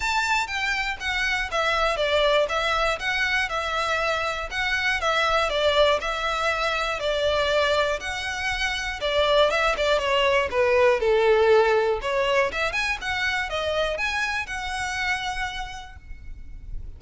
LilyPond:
\new Staff \with { instrumentName = "violin" } { \time 4/4 \tempo 4 = 120 a''4 g''4 fis''4 e''4 | d''4 e''4 fis''4 e''4~ | e''4 fis''4 e''4 d''4 | e''2 d''2 |
fis''2 d''4 e''8 d''8 | cis''4 b'4 a'2 | cis''4 e''8 gis''8 fis''4 dis''4 | gis''4 fis''2. | }